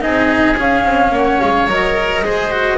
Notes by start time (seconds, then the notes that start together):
0.00 C4 D#4 G#4 D#5
0.57 C#4 F5
0.85 C4
1.11 A#3 C#5 F#5
1.40 G#3 F5
1.67 F#3 A#4 D#5
2.22 G#3 G#4 C5
2.51 F#4